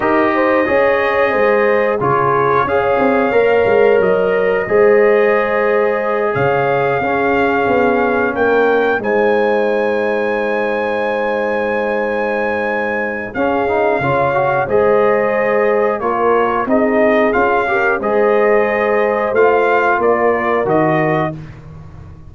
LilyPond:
<<
  \new Staff \with { instrumentName = "trumpet" } { \time 4/4 \tempo 4 = 90 dis''2. cis''4 | f''2 dis''2~ | dis''4. f''2~ f''8~ | f''8 g''4 gis''2~ gis''8~ |
gis''1 | f''2 dis''2 | cis''4 dis''4 f''4 dis''4~ | dis''4 f''4 d''4 dis''4 | }
  \new Staff \with { instrumentName = "horn" } { \time 4/4 ais'8 c''8 cis''4 c''4 gis'4 | cis''2. c''4~ | c''4. cis''4 gis'4.~ | gis'8 ais'4 c''2~ c''8~ |
c''1 | gis'4 cis''4 c''2 | ais'4 gis'4. ais'8 c''4~ | c''2 ais'2 | }
  \new Staff \with { instrumentName = "trombone" } { \time 4/4 g'4 gis'2 f'4 | gis'4 ais'2 gis'4~ | gis'2~ gis'8 cis'4.~ | cis'4. dis'2~ dis'8~ |
dis'1 | cis'8 dis'8 f'8 fis'8 gis'2 | f'4 dis'4 f'8 g'8 gis'4~ | gis'4 f'2 fis'4 | }
  \new Staff \with { instrumentName = "tuba" } { \time 4/4 dis'4 cis'4 gis4 cis4 | cis'8 c'8 ais8 gis8 fis4 gis4~ | gis4. cis4 cis'4 b8~ | b8 ais4 gis2~ gis8~ |
gis1 | cis'4 cis4 gis2 | ais4 c'4 cis'4 gis4~ | gis4 a4 ais4 dis4 | }
>>